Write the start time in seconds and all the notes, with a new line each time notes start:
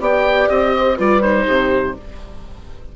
0.00 B3 G4 D5 G5
0.49 C4 D#5
0.78 C5
0.97 G3 F4 B4 D5
1.22 D#4 C5
1.47 C3 G4